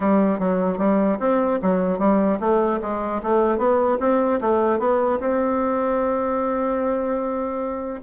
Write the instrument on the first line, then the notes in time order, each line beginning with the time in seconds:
bassoon
0.00 G3
0.39 F#3
0.78 G3
1.19 C4
1.61 F#3
1.98 G3
2.40 A3
2.81 G#3
3.22 A3
3.58 B3
4.00 C4
4.41 A3
4.79 B3
5.19 C4